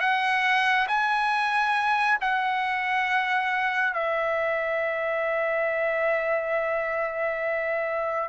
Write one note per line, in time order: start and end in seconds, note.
0.00 0.87 F#5
0.88 2.18 G#5
2.21 3.94 F#5
3.94 8.28 E5